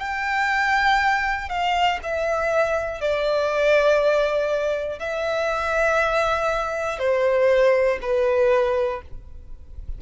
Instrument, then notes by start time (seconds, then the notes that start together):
violin
0.00 G5
1.50 F5
2.03 E5
3.01 D5
5.00 E5
6.99 C5
8.02 B4